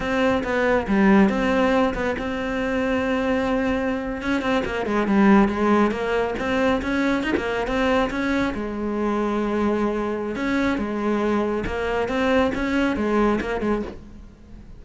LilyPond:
\new Staff \with { instrumentName = "cello" } { \time 4/4 \tempo 4 = 139 c'4 b4 g4 c'4~ | c'8 b8 c'2.~ | c'4.~ c'16 cis'8 c'8 ais8 gis8 g16~ | g8. gis4 ais4 c'4 cis'16~ |
cis'8. dis'16 ais8. c'4 cis'4 gis16~ | gis1 | cis'4 gis2 ais4 | c'4 cis'4 gis4 ais8 gis8 | }